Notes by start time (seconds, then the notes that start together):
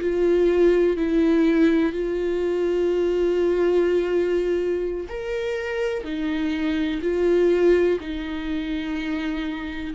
0.00 F4
0.96 E4
1.92 F4
5.08 A#4
6.04 D#4
7.02 F4
8.00 D#4